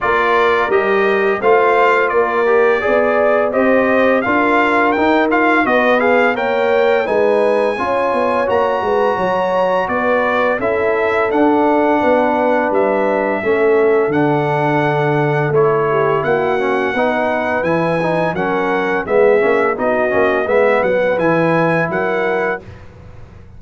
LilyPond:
<<
  \new Staff \with { instrumentName = "trumpet" } { \time 4/4 \tempo 4 = 85 d''4 dis''4 f''4 d''4~ | d''4 dis''4 f''4 g''8 f''8 | dis''8 f''8 g''4 gis''2 | ais''2 d''4 e''4 |
fis''2 e''2 | fis''2 cis''4 fis''4~ | fis''4 gis''4 fis''4 e''4 | dis''4 e''8 fis''8 gis''4 fis''4 | }
  \new Staff \with { instrumentName = "horn" } { \time 4/4 ais'2 c''4 ais'4 | d''4 c''4 ais'2 | b'4 cis''4 b'4 cis''4~ | cis''8 b'8 cis''4 b'4 a'4~ |
a'4 b'2 a'4~ | a'2~ a'8 g'8 fis'4 | b'2 ais'4 gis'4 | fis'4 b'2 ais'4 | }
  \new Staff \with { instrumentName = "trombone" } { \time 4/4 f'4 g'4 f'4. g'8 | gis'4 g'4 f'4 dis'8 f'8 | fis'8 gis'8 ais'4 dis'4 f'4 | fis'2. e'4 |
d'2. cis'4 | d'2 e'4. cis'8 | dis'4 e'8 dis'8 cis'4 b8 cis'8 | dis'8 cis'8 b4 e'2 | }
  \new Staff \with { instrumentName = "tuba" } { \time 4/4 ais4 g4 a4 ais4 | b4 c'4 d'4 dis'4 | b4 ais4 gis4 cis'8 b8 | ais8 gis8 fis4 b4 cis'4 |
d'4 b4 g4 a4 | d2 a4 ais4 | b4 e4 fis4 gis8 ais8 | b8 ais8 gis8 fis8 e4 fis4 | }
>>